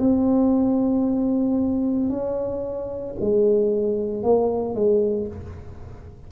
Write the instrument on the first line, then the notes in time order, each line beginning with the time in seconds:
tuba
0.00 C4
2.10 C#4
3.21 G#3
4.23 A#3
4.75 G#3